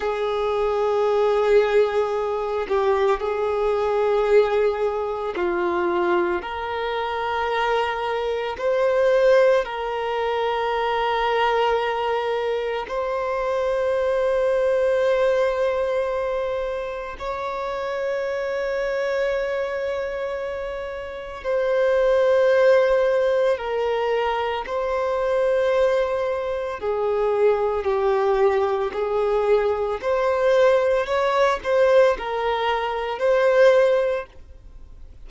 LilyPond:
\new Staff \with { instrumentName = "violin" } { \time 4/4 \tempo 4 = 56 gis'2~ gis'8 g'8 gis'4~ | gis'4 f'4 ais'2 | c''4 ais'2. | c''1 |
cis''1 | c''2 ais'4 c''4~ | c''4 gis'4 g'4 gis'4 | c''4 cis''8 c''8 ais'4 c''4 | }